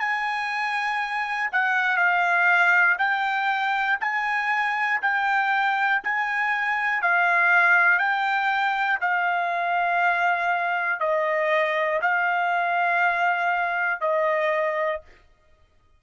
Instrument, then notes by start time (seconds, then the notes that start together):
trumpet
0.00 G#5
1.53 F#5
1.97 F5
2.99 G5
4.01 G#5
5.02 G5
6.04 G#5
7.02 F5
8.00 G5
9.01 F5
11.00 D#5
12.02 F5
14.01 D#5